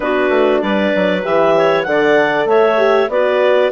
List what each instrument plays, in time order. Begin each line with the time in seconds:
0.00 bassoon B3, horn D4, clarinet F#4 B4
0.29 bassoon A3
0.61 bassoon G3, clarinet B4 D5
0.95 bassoon F#3
1.23 bassoon E3, horn G4, clarinet E5
1.56 clarinet C#5
1.82 bassoon D3, horn A4, clarinet D5 F#5
2.45 bassoon A3, clarinet C#5 E5
2.77 horn G4
3.09 bassoon B3, horn F#4, clarinet B4 D5